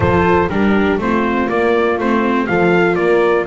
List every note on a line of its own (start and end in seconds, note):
0.00 0.47 F3
0.00 0.48 F4
0.00 0.49 A4
0.00 0.49 C5
0.49 0.98 G3
0.49 0.99 D4
0.49 0.99 G4
0.49 0.99 A#4
0.98 1.48 A3
0.98 1.48 C4
0.98 2.48 F4
0.98 1.49 C5
1.48 1.98 A#3
1.48 1.99 D5
1.98 2.47 A3
1.98 2.48 C4
1.98 2.46 C5
2.46 2.97 F3
2.46 3.47 F4
2.46 2.96 A4
2.46 2.95 F5
2.95 3.46 A#3
2.95 3.45 A#4
2.95 3.44 D5